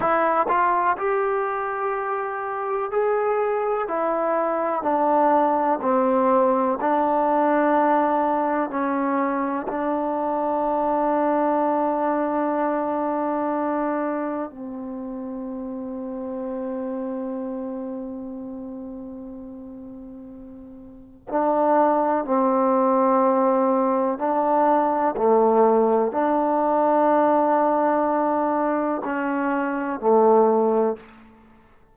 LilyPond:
\new Staff \with { instrumentName = "trombone" } { \time 4/4 \tempo 4 = 62 e'8 f'8 g'2 gis'4 | e'4 d'4 c'4 d'4~ | d'4 cis'4 d'2~ | d'2. c'4~ |
c'1~ | c'2 d'4 c'4~ | c'4 d'4 a4 d'4~ | d'2 cis'4 a4 | }